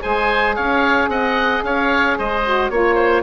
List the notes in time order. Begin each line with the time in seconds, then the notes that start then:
0.00 G#3 G#4 C5 G#5
0.56 C#4 C#5 F5
1.08 C4 D#5 F#5
1.63 C#4 C#5 F5
2.18 G#3 C5 D#5
2.45 F#4
2.70 A#3 F4 C#5
2.95 C5